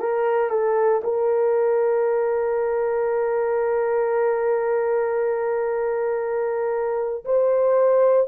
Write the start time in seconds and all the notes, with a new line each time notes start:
0.00 A#4
0.50 A4
1.04 A#4
7.25 C5